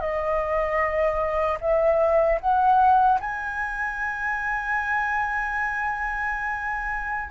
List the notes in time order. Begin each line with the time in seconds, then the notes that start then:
0.00 D#5
1.60 E5
2.40 F#5
3.20 G#5